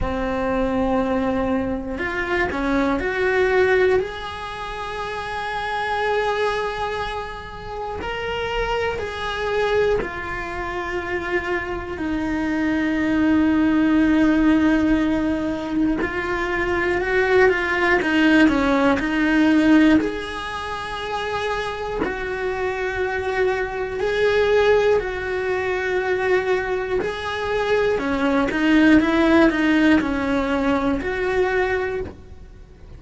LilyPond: \new Staff \with { instrumentName = "cello" } { \time 4/4 \tempo 4 = 60 c'2 f'8 cis'8 fis'4 | gis'1 | ais'4 gis'4 f'2 | dis'1 |
f'4 fis'8 f'8 dis'8 cis'8 dis'4 | gis'2 fis'2 | gis'4 fis'2 gis'4 | cis'8 dis'8 e'8 dis'8 cis'4 fis'4 | }